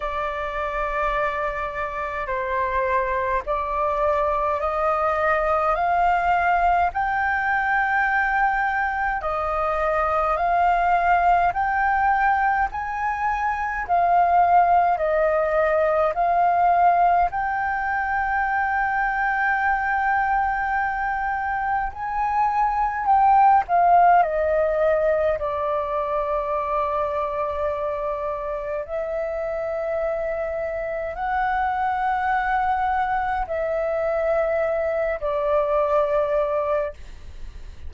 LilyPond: \new Staff \with { instrumentName = "flute" } { \time 4/4 \tempo 4 = 52 d''2 c''4 d''4 | dis''4 f''4 g''2 | dis''4 f''4 g''4 gis''4 | f''4 dis''4 f''4 g''4~ |
g''2. gis''4 | g''8 f''8 dis''4 d''2~ | d''4 e''2 fis''4~ | fis''4 e''4. d''4. | }